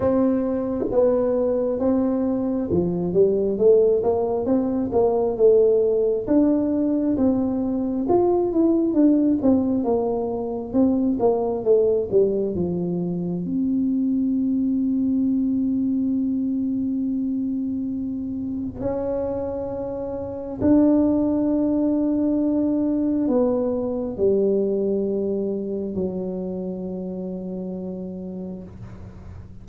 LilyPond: \new Staff \with { instrumentName = "tuba" } { \time 4/4 \tempo 4 = 67 c'4 b4 c'4 f8 g8 | a8 ais8 c'8 ais8 a4 d'4 | c'4 f'8 e'8 d'8 c'8 ais4 | c'8 ais8 a8 g8 f4 c'4~ |
c'1~ | c'4 cis'2 d'4~ | d'2 b4 g4~ | g4 fis2. | }